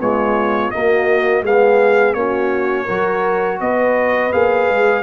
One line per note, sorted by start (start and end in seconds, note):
0.00 0.73 G#3
0.00 0.72 B3
0.00 0.74 F4
0.00 0.71 C#5
0.71 1.45 A#3
0.71 1.42 A#3
0.71 1.45 F#4
0.71 1.43 D#5
1.42 2.14 G#3
1.42 2.16 B3
1.42 2.17 G#4
1.42 2.14 F5
2.14 2.87 A#3
2.14 2.88 C#4
2.14 2.86 F#4
2.14 3.59 C#5
2.86 3.61 F#3
2.86 4.32 F#4
2.86 3.58 A#4
3.61 4.33 B3
3.61 5.03 B4
3.61 4.33 D#5
4.32 4.70 A#3
4.32 5.03 G#4
4.32 5.03 F5
4.70 5.03 G#3